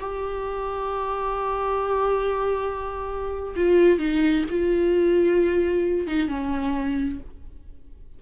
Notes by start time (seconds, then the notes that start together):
0.00 G4
3.56 F4
3.99 D#4
4.50 F4
6.07 D#4
6.28 C#4